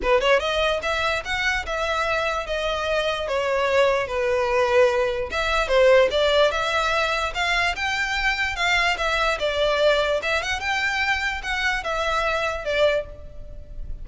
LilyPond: \new Staff \with { instrumentName = "violin" } { \time 4/4 \tempo 4 = 147 b'8 cis''8 dis''4 e''4 fis''4 | e''2 dis''2 | cis''2 b'2~ | b'4 e''4 c''4 d''4 |
e''2 f''4 g''4~ | g''4 f''4 e''4 d''4~ | d''4 e''8 fis''8 g''2 | fis''4 e''2 d''4 | }